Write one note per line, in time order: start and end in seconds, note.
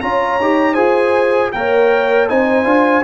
0.00 0.40 C#4
0.00 0.40 F4
0.00 0.73 C#5
0.00 0.74 A#5
0.40 0.76 D#4
0.40 0.75 G4
0.73 1.52 F4
0.73 1.51 G#4
0.73 1.49 C5
0.73 1.50 G#5
1.52 2.30 A#3
1.52 2.29 A#4
1.52 2.29 C#5
1.52 2.28 G5
2.28 2.64 C4
2.28 2.64 D#4
2.28 3.04 C5
2.28 3.04 G#5
2.64 3.02 D4
2.64 3.02 F4